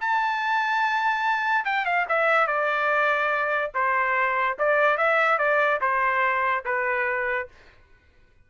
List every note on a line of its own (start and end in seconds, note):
0.00 1.65 A5
1.65 1.85 G5
1.85 2.06 F5
2.08 2.47 E5
2.47 3.72 D5
3.74 4.57 C5
4.58 4.97 D5
4.97 5.38 E5
5.38 5.80 D5
5.81 6.64 C5
6.65 7.48 B4